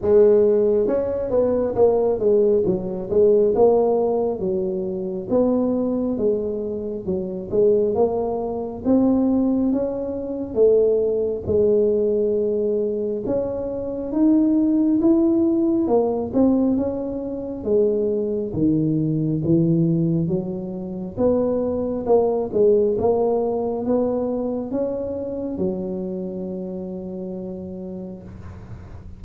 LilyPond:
\new Staff \with { instrumentName = "tuba" } { \time 4/4 \tempo 4 = 68 gis4 cis'8 b8 ais8 gis8 fis8 gis8 | ais4 fis4 b4 gis4 | fis8 gis8 ais4 c'4 cis'4 | a4 gis2 cis'4 |
dis'4 e'4 ais8 c'8 cis'4 | gis4 dis4 e4 fis4 | b4 ais8 gis8 ais4 b4 | cis'4 fis2. | }